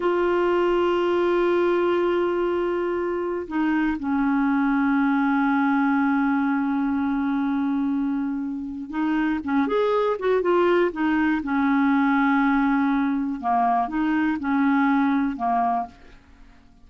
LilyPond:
\new Staff \with { instrumentName = "clarinet" } { \time 4/4 \tempo 4 = 121 f'1~ | f'2. dis'4 | cis'1~ | cis'1~ |
cis'2 dis'4 cis'8 gis'8~ | gis'8 fis'8 f'4 dis'4 cis'4~ | cis'2. ais4 | dis'4 cis'2 ais4 | }